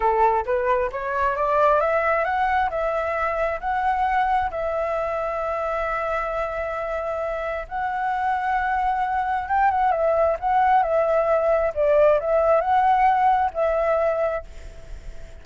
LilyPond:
\new Staff \with { instrumentName = "flute" } { \time 4/4 \tempo 4 = 133 a'4 b'4 cis''4 d''4 | e''4 fis''4 e''2 | fis''2 e''2~ | e''1~ |
e''4 fis''2.~ | fis''4 g''8 fis''8 e''4 fis''4 | e''2 d''4 e''4 | fis''2 e''2 | }